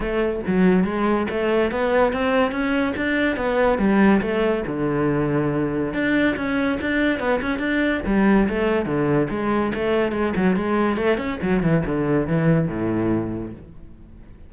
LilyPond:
\new Staff \with { instrumentName = "cello" } { \time 4/4 \tempo 4 = 142 a4 fis4 gis4 a4 | b4 c'4 cis'4 d'4 | b4 g4 a4 d4~ | d2 d'4 cis'4 |
d'4 b8 cis'8 d'4 g4 | a4 d4 gis4 a4 | gis8 fis8 gis4 a8 cis'8 fis8 e8 | d4 e4 a,2 | }